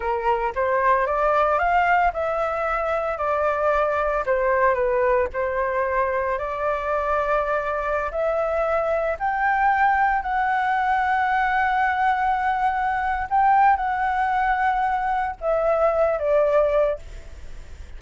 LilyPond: \new Staff \with { instrumentName = "flute" } { \time 4/4 \tempo 4 = 113 ais'4 c''4 d''4 f''4 | e''2 d''2 | c''4 b'4 c''2 | d''2.~ d''16 e''8.~ |
e''4~ e''16 g''2 fis''8.~ | fis''1~ | fis''4 g''4 fis''2~ | fis''4 e''4. d''4. | }